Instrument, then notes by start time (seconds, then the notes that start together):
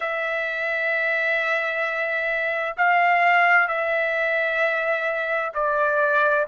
trumpet
0.00 E5
2.77 F5
3.68 E5
5.54 D5